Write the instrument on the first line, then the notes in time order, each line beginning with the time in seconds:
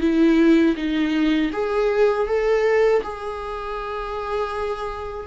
viola
0.00 E4
0.76 D#4
1.52 G#4
2.27 A4
3.03 G#4